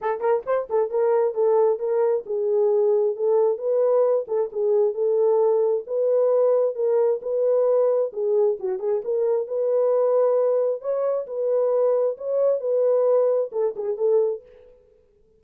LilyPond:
\new Staff \with { instrumentName = "horn" } { \time 4/4 \tempo 4 = 133 a'8 ais'8 c''8 a'8 ais'4 a'4 | ais'4 gis'2 a'4 | b'4. a'8 gis'4 a'4~ | a'4 b'2 ais'4 |
b'2 gis'4 fis'8 gis'8 | ais'4 b'2. | cis''4 b'2 cis''4 | b'2 a'8 gis'8 a'4 | }